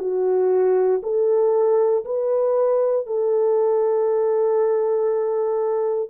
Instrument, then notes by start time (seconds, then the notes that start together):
horn
0.00 F#4
1.04 A4
2.05 B4
3.07 A4